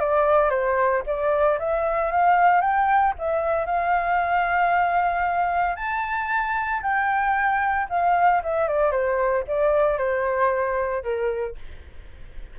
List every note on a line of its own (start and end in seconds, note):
0.00 0.50 D5
0.50 1.03 C5
1.06 1.59 D5
1.59 2.12 E5
2.12 2.61 F5
2.61 3.14 G5
3.19 3.66 E5
3.66 5.76 F5
5.76 6.82 A5
6.83 7.88 G5
7.90 8.42 F5
8.43 8.68 E5
8.68 8.92 D5
8.92 9.44 C5
9.48 9.98 D5
9.98 11.03 C5
11.03 11.56 A#4